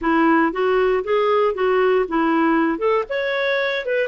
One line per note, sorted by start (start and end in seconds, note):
0.01 0.52 E4
0.52 1.03 F#4
1.03 1.54 G#4
1.54 2.05 F#4
2.08 2.78 E4
2.78 3.04 A4
3.09 3.85 C#5
3.85 4.08 B4